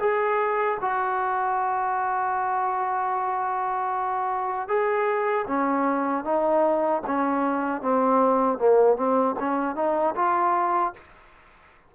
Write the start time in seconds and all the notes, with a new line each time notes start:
0.00 G#4
0.81 F#4
4.68 G#4
5.48 C#4
6.24 D#4
7.07 C#4
7.82 C4
8.59 A#3
8.96 C4
9.40 C#4
9.76 D#4
10.15 F4